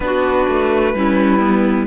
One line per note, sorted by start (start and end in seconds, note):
0.00 0.47 B3
0.00 0.94 D4
0.00 0.96 F#4
0.00 1.87 B4
0.47 0.93 A3
0.93 1.87 G3
0.93 1.39 C#4
0.93 1.87 E4
1.39 1.86 B3